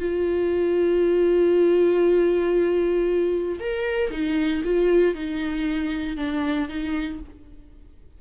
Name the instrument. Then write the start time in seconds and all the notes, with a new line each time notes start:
viola
0.00 F4
3.59 A#4
4.11 D#4
4.64 F4
5.14 D#4
6.17 D4
6.68 D#4